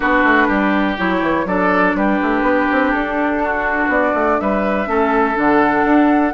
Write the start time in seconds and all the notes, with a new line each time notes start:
0.00 B3 D4 F#4 B4
0.23 A3
0.48 G3 G4
0.97 F#3 E4 C#5
1.21 E3
1.45 F#3 D4 A4 D5
1.95 G3 G4 B4
2.21 A3
2.41 B3
2.71 C4
2.91 D4 A4
3.43 F#4
3.87 B3 D5
4.13 A3
4.40 G3 B4 E5
4.86 A3 C#4 A4
5.35 D3 D4 F#5
5.84 D4